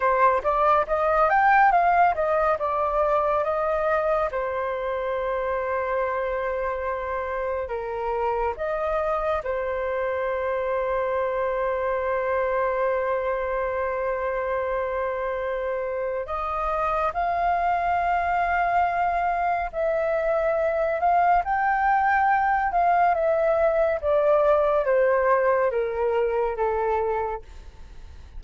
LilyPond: \new Staff \with { instrumentName = "flute" } { \time 4/4 \tempo 4 = 70 c''8 d''8 dis''8 g''8 f''8 dis''8 d''4 | dis''4 c''2.~ | c''4 ais'4 dis''4 c''4~ | c''1~ |
c''2. dis''4 | f''2. e''4~ | e''8 f''8 g''4. f''8 e''4 | d''4 c''4 ais'4 a'4 | }